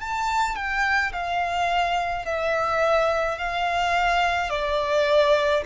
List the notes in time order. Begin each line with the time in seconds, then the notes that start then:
0.00 A5
0.56 G5
1.13 F5
2.25 E5
3.38 F5
4.50 D5